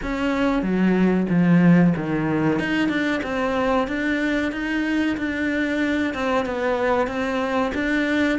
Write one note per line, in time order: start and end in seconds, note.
0.02 0.62 C#4
0.62 1.26 F#3
1.29 1.93 F3
1.96 2.59 D#3
2.59 2.88 D#4
2.88 3.21 D4
3.23 3.87 C4
3.87 4.52 D4
4.52 5.16 D#4
5.17 6.13 D4
6.14 6.45 C4
6.45 7.07 B3
7.07 7.72 C4
7.74 8.38 D4